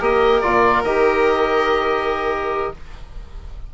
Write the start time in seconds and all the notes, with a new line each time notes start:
0.00 A#3 G4 A#4 D#5
0.41 A#2 F4 D5
0.84 D#3 G4 D#5